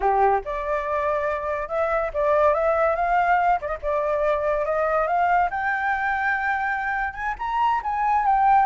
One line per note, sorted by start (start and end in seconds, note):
0.00 0.41 G4
0.44 1.68 D5
1.68 2.10 E5
2.13 2.54 D5
2.54 2.95 E5
2.95 3.59 F5
3.61 3.66 D5
3.61 3.77 D#5
3.82 4.65 D5
4.65 5.07 D#5
5.07 5.49 F5
5.50 7.13 G5
7.13 7.34 G#5
7.38 7.81 A#5
7.83 8.25 G#5
8.25 8.65 G5